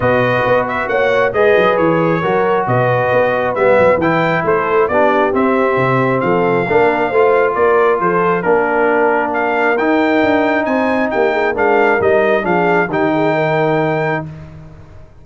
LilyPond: <<
  \new Staff \with { instrumentName = "trumpet" } { \time 4/4 \tempo 4 = 135 dis''4. e''8 fis''4 dis''4 | cis''2 dis''2 | e''4 g''4 c''4 d''4 | e''2 f''2~ |
f''4 d''4 c''4 ais'4~ | ais'4 f''4 g''2 | gis''4 g''4 f''4 dis''4 | f''4 g''2. | }
  \new Staff \with { instrumentName = "horn" } { \time 4/4 b'2 cis''4 b'4~ | b'4 ais'4 b'2~ | b'2 a'4 g'4~ | g'2 a'4 ais'4 |
c''4 ais'4 a'4 ais'4~ | ais'1 | c''4 g'8 gis'8 ais'2 | gis'4 g'8 gis'8 ais'2 | }
  \new Staff \with { instrumentName = "trombone" } { \time 4/4 fis'2. gis'4~ | gis'4 fis'2. | b4 e'2 d'4 | c'2. d'4 |
f'2. d'4~ | d'2 dis'2~ | dis'2 d'4 dis'4 | d'4 dis'2. | }
  \new Staff \with { instrumentName = "tuba" } { \time 4/4 b,4 b4 ais4 gis8 fis8 | e4 fis4 b,4 b4 | g8 fis8 e4 a4 b4 | c'4 c4 f4 ais4 |
a4 ais4 f4 ais4~ | ais2 dis'4 d'4 | c'4 ais4 gis4 g4 | f4 dis2. | }
>>